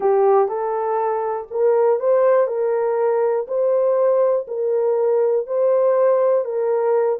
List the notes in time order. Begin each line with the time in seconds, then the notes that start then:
0.00 G4
0.48 A4
1.50 A#4
1.99 C5
2.47 A#4
3.47 C5
4.47 A#4
5.46 C5
6.44 A#4